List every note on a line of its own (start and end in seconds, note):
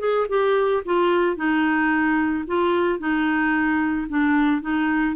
0.00 0.27 G#4
0.29 0.84 G4
0.86 1.37 F4
1.37 2.45 D#4
2.47 3.00 F4
3.00 4.08 D#4
4.09 4.62 D4
4.62 5.16 D#4